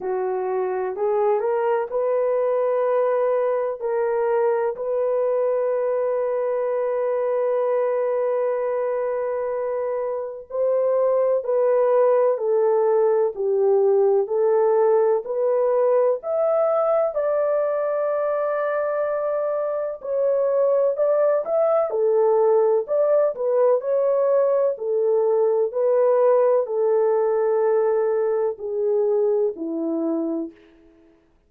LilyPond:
\new Staff \with { instrumentName = "horn" } { \time 4/4 \tempo 4 = 63 fis'4 gis'8 ais'8 b'2 | ais'4 b'2.~ | b'2. c''4 | b'4 a'4 g'4 a'4 |
b'4 e''4 d''2~ | d''4 cis''4 d''8 e''8 a'4 | d''8 b'8 cis''4 a'4 b'4 | a'2 gis'4 e'4 | }